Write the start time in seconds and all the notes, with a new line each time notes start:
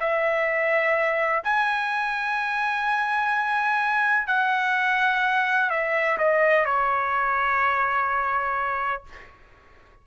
0.00 E5
1.45 G#5
4.28 F#5
5.70 E5
6.19 D#5
6.66 C#5